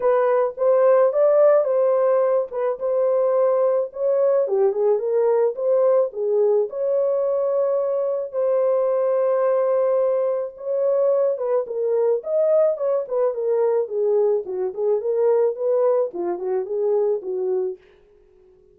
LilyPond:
\new Staff \with { instrumentName = "horn" } { \time 4/4 \tempo 4 = 108 b'4 c''4 d''4 c''4~ | c''8 b'8 c''2 cis''4 | g'8 gis'8 ais'4 c''4 gis'4 | cis''2. c''4~ |
c''2. cis''4~ | cis''8 b'8 ais'4 dis''4 cis''8 b'8 | ais'4 gis'4 fis'8 gis'8 ais'4 | b'4 f'8 fis'8 gis'4 fis'4 | }